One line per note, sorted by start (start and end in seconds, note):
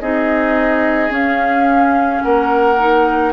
0.00 1.09 C4
0.00 1.09 D#4
0.00 2.23 G#4
0.00 1.11 D#5
1.09 2.20 C#4
1.09 2.76 C#4
1.09 2.21 F5
2.21 3.33 A#3
2.21 3.33 A#4
2.21 3.32 F#5
2.78 3.33 D#4